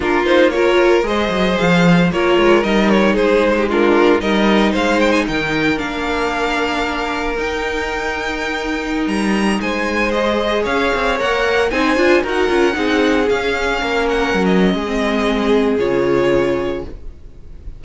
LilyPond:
<<
  \new Staff \with { instrumentName = "violin" } { \time 4/4 \tempo 4 = 114 ais'8 c''8 cis''4 dis''4 f''4 | cis''4 dis''8 cis''8 c''4 ais'4 | dis''4 f''8 g''16 gis''16 g''4 f''4~ | f''2 g''2~ |
g''4~ g''16 ais''4 gis''4 dis''8.~ | dis''16 f''4 fis''4 gis''4 fis''8.~ | fis''4~ fis''16 f''4. fis''8. dis''8~ | dis''2 cis''2 | }
  \new Staff \with { instrumentName = "violin" } { \time 4/4 f'4 ais'4 c''2 | ais'2 gis'8. g'16 f'4 | ais'4 c''4 ais'2~ | ais'1~ |
ais'2~ ais'16 c''4.~ c''16~ | c''16 cis''2 c''4 ais'8.~ | ais'16 gis'2 ais'4.~ ais'16 | gis'1 | }
  \new Staff \with { instrumentName = "viola" } { \time 4/4 d'8 dis'8 f'4 gis'2 | f'4 dis'2 d'4 | dis'2. d'4~ | d'2 dis'2~ |
dis'2.~ dis'16 gis'8.~ | gis'4~ gis'16 ais'4 dis'8 f'8 fis'8 f'16~ | f'16 dis'4 cis'2~ cis'8.~ | cis'16 c'4.~ c'16 f'2 | }
  \new Staff \with { instrumentName = "cello" } { \time 4/4 ais2 gis8 fis8 f4 | ais8 gis8 g4 gis2 | g4 gis4 dis4 ais4~ | ais2 dis'2~ |
dis'4~ dis'16 g4 gis4.~ gis16~ | gis16 cis'8 c'8 ais4 c'8 d'8 dis'8 cis'16~ | cis'16 c'4 cis'4 ais4 fis8. | gis2 cis2 | }
>>